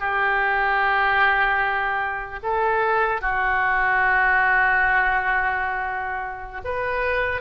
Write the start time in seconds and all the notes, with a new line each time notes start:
0.00 G4
2.43 A4
3.21 F#4
6.65 B4